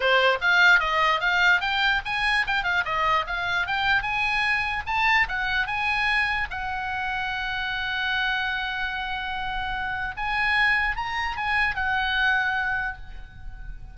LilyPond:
\new Staff \with { instrumentName = "oboe" } { \time 4/4 \tempo 4 = 148 c''4 f''4 dis''4 f''4 | g''4 gis''4 g''8 f''8 dis''4 | f''4 g''4 gis''2 | a''4 fis''4 gis''2 |
fis''1~ | fis''1~ | fis''4 gis''2 ais''4 | gis''4 fis''2. | }